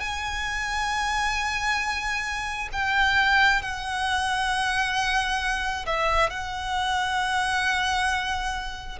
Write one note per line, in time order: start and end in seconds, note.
0.00 2.69 G#5
2.72 3.62 G5
3.62 5.86 F#5
5.86 6.30 E5
6.30 8.99 F#5